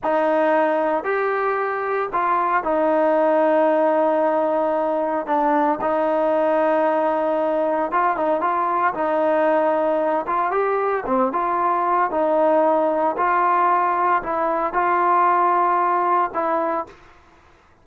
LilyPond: \new Staff \with { instrumentName = "trombone" } { \time 4/4 \tempo 4 = 114 dis'2 g'2 | f'4 dis'2.~ | dis'2 d'4 dis'4~ | dis'2. f'8 dis'8 |
f'4 dis'2~ dis'8 f'8 | g'4 c'8 f'4. dis'4~ | dis'4 f'2 e'4 | f'2. e'4 | }